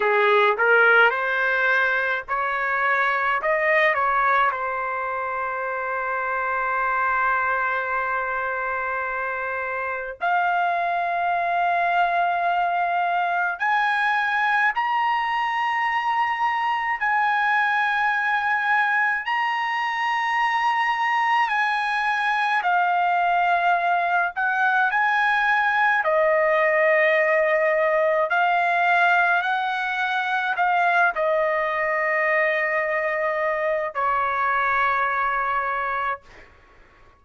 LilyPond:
\new Staff \with { instrumentName = "trumpet" } { \time 4/4 \tempo 4 = 53 gis'8 ais'8 c''4 cis''4 dis''8 cis''8 | c''1~ | c''4 f''2. | gis''4 ais''2 gis''4~ |
gis''4 ais''2 gis''4 | f''4. fis''8 gis''4 dis''4~ | dis''4 f''4 fis''4 f''8 dis''8~ | dis''2 cis''2 | }